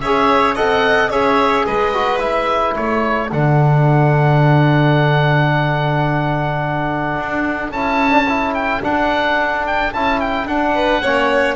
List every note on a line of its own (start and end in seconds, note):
0.00 0.57 C#4
0.00 0.56 G#4
0.00 0.55 C#5
0.00 0.55 E5
0.55 1.10 C4
0.55 1.11 A4
0.55 1.10 D#5
0.55 1.11 F#5
1.10 1.65 C#4
1.10 1.93 G#4
1.10 1.65 C#5
1.10 1.66 E5
1.66 2.77 G#3
1.66 2.75 B4
1.66 2.19 D#5
1.93 2.19 F#4
2.19 3.29 E4
2.19 2.74 E5
2.75 3.32 A3
2.75 10.74 A4
2.75 3.31 C#5
3.32 7.17 D3
3.32 7.73 D4
3.32 7.72 F#5
7.18 7.71 D4
7.71 8.81 C#4
7.71 8.10 E4
7.71 8.54 A5
8.10 8.24 D4
8.29 8.82 E4
8.54 8.82 G5
8.82 9.92 D4
8.82 9.94 D4
8.82 9.66 F#5
9.66 9.93 G5
9.93 10.44 C#4
9.93 10.47 E4
9.93 10.20 A5
10.20 10.47 G5
10.44 10.99 D4
10.44 11.02 D4
10.44 11.55 F#5
10.74 11.02 B4
11.02 11.55 A#3
11.02 11.55 C#4
11.02 11.55 C#5